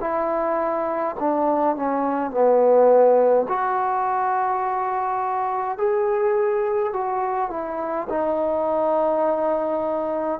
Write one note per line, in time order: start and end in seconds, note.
0.00 1.15 E4
1.19 1.76 D4
1.76 2.31 C#4
2.31 3.46 B3
3.48 5.77 F#4
5.77 6.93 G#4
6.93 7.50 F#4
7.50 8.08 E4
8.09 10.40 D#4